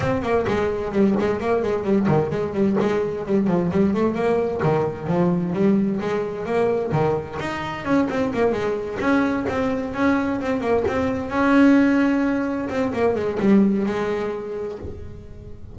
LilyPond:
\new Staff \with { instrumentName = "double bass" } { \time 4/4 \tempo 4 = 130 c'8 ais8 gis4 g8 gis8 ais8 gis8 | g8 dis8 gis8 g8 gis4 g8 f8 | g8 a8 ais4 dis4 f4 | g4 gis4 ais4 dis4 |
dis'4 cis'8 c'8 ais8 gis4 cis'8~ | cis'8 c'4 cis'4 c'8 ais8 c'8~ | c'8 cis'2. c'8 | ais8 gis8 g4 gis2 | }